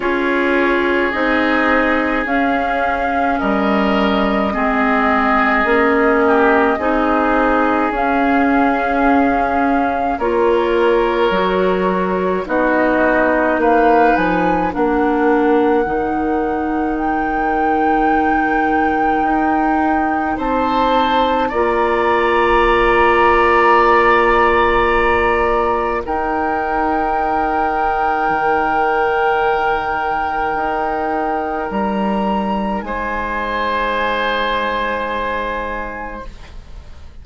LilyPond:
<<
  \new Staff \with { instrumentName = "flute" } { \time 4/4 \tempo 4 = 53 cis''4 dis''4 f''4 dis''4~ | dis''2. f''4~ | f''4 cis''2 dis''4 | f''8 gis''8 fis''2 g''4~ |
g''2 a''4 ais''4~ | ais''2. g''4~ | g''1 | ais''4 gis''2. | }
  \new Staff \with { instrumentName = "oboe" } { \time 4/4 gis'2. ais'4 | gis'4. g'8 gis'2~ | gis'4 ais'2 fis'4 | b'4 ais'2.~ |
ais'2 c''4 d''4~ | d''2. ais'4~ | ais'1~ | ais'4 c''2. | }
  \new Staff \with { instrumentName = "clarinet" } { \time 4/4 f'4 dis'4 cis'2 | c'4 cis'4 dis'4 cis'4~ | cis'4 f'4 fis'4 dis'4~ | dis'4 d'4 dis'2~ |
dis'2. f'4~ | f'2. dis'4~ | dis'1~ | dis'1 | }
  \new Staff \with { instrumentName = "bassoon" } { \time 4/4 cis'4 c'4 cis'4 g4 | gis4 ais4 c'4 cis'4~ | cis'4 ais4 fis4 b4 | ais8 f8 ais4 dis2~ |
dis4 dis'4 c'4 ais4~ | ais2. dis'4~ | dis'4 dis2 dis'4 | g4 gis2. | }
>>